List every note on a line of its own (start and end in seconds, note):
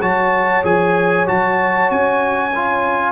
0.00 0.63 F#3
0.00 0.64 F#4
0.00 3.12 C#5
0.00 0.64 A5
0.64 1.27 F3
0.64 1.26 G#4
0.64 1.27 G#5
1.26 1.91 F#3
1.26 2.51 F#4
1.26 1.91 A5
1.91 3.12 C#4
1.91 3.12 G#5
2.55 3.12 F4